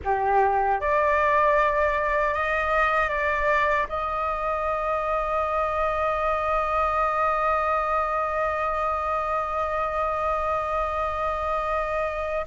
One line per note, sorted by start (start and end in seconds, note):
0.04 0.80 G4
0.80 2.34 D5
2.34 3.09 D#5
3.09 3.86 D5
3.88 12.45 D#5